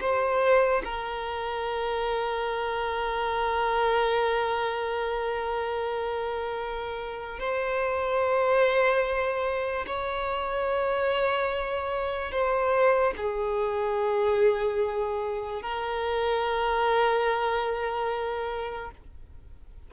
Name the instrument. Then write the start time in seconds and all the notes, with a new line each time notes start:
violin
0.00 C5
0.84 A#4
7.39 C5
9.86 C#5
12.31 C5
13.17 G#4
15.62 A#4